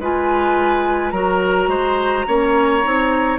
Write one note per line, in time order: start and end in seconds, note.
0.00 1.12 G#3
0.00 1.14 F4
0.00 1.13 B4
0.00 1.11 G#5
1.11 1.68 F#3
1.11 2.27 F#4
1.11 1.70 A#4
1.11 3.37 A#5
1.68 2.25 G#3
1.68 2.26 C5
2.27 2.85 A#3
2.27 2.83 C#4
2.27 3.39 C#5
2.83 3.39 C4
2.83 3.39 D#4